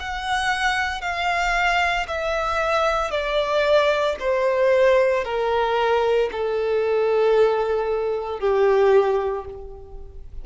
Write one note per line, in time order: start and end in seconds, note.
0.00 1.01 F#5
1.01 2.07 F5
2.08 3.11 E5
3.11 4.16 D5
4.20 5.24 C5
5.24 6.30 A#4
6.32 8.40 A4
8.40 9.45 G4